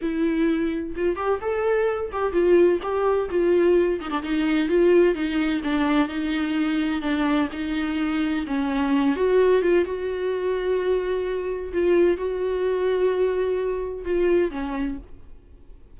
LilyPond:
\new Staff \with { instrumentName = "viola" } { \time 4/4 \tempo 4 = 128 e'2 f'8 g'8 a'4~ | a'8 g'8 f'4 g'4 f'4~ | f'8 dis'16 d'16 dis'4 f'4 dis'4 | d'4 dis'2 d'4 |
dis'2 cis'4. fis'8~ | fis'8 f'8 fis'2.~ | fis'4 f'4 fis'2~ | fis'2 f'4 cis'4 | }